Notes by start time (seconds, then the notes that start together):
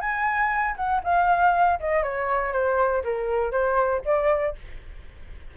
0.00 G#5
0.76 F#5
1.03 F5
1.79 D#5
2.03 C#5
2.52 C5
3.03 A#4
3.51 C5
4.05 D5